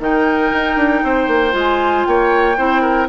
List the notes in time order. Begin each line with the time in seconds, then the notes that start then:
0.00 D#3 D#4 A#4 G5
0.53 D#4
0.76 D4
1.03 C4 C5
1.28 A#3
1.51 G#3 F4
1.58 G#5
2.05 A#3 C#5 G5
2.57 C4 E4 C5
2.82 A#4